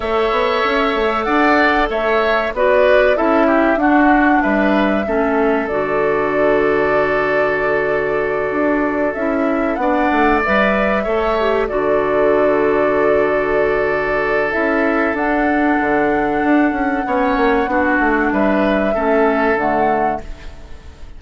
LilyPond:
<<
  \new Staff \with { instrumentName = "flute" } { \time 4/4 \tempo 4 = 95 e''2 fis''4 e''4 | d''4 e''4 fis''4 e''4~ | e''4 d''2.~ | d''2~ d''8 e''4 fis''8~ |
fis''8 e''2 d''4.~ | d''2. e''4 | fis''1~ | fis''4 e''2 fis''4 | }
  \new Staff \with { instrumentName = "oboe" } { \time 4/4 cis''2 d''4 cis''4 | b'4 a'8 g'8 fis'4 b'4 | a'1~ | a'2.~ a'8 d''8~ |
d''4. cis''4 a'4.~ | a'1~ | a'2. cis''4 | fis'4 b'4 a'2 | }
  \new Staff \with { instrumentName = "clarinet" } { \time 4/4 a'1 | fis'4 e'4 d'2 | cis'4 fis'2.~ | fis'2~ fis'8 e'4 d'8~ |
d'8 b'4 a'8 g'8 fis'4.~ | fis'2. e'4 | d'2. cis'4 | d'2 cis'4 a4 | }
  \new Staff \with { instrumentName = "bassoon" } { \time 4/4 a8 b8 cis'8 a8 d'4 a4 | b4 cis'4 d'4 g4 | a4 d2.~ | d4. d'4 cis'4 b8 |
a8 g4 a4 d4.~ | d2. cis'4 | d'4 d4 d'8 cis'8 b8 ais8 | b8 a8 g4 a4 d4 | }
>>